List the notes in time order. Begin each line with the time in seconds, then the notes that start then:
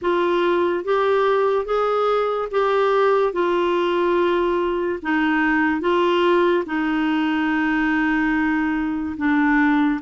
0.01 F4
0.84 G4
1.65 G#4
2.51 G4
3.33 F4
5.02 D#4
5.80 F4
6.66 D#4
9.17 D4